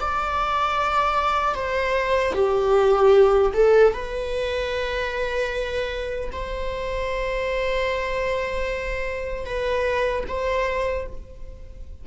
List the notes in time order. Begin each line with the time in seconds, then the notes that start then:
0.00 D5
1.55 C5
2.34 G4
3.54 A4
3.93 B4
6.32 C5
9.45 B4
10.28 C5